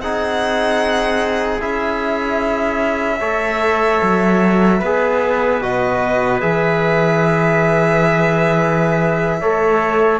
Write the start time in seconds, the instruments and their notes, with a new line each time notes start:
0.00 cello C4, trombone D#4, trumpet G#4, violin F#5
1.60 cello C#4, trombone E4, violin E5
3.20 cello A3, trombone A4, trumpet C#5
4.03 cello F#3
4.79 cello B3, trombone G#4, trumpet B4
5.62 cello B2, trombone F#4, violin D#5
6.41 cello E3, trombone G#4, violin E5
9.41 cello A3, trombone A4, trumpet C#5